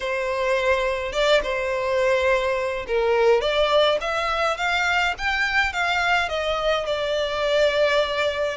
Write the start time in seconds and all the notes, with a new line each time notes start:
0.00 C5
1.12 D5
1.43 C5
2.87 A#4
3.41 D5
4.00 E5
4.57 F5
5.17 G5
5.72 F5
6.29 D#5
6.86 D5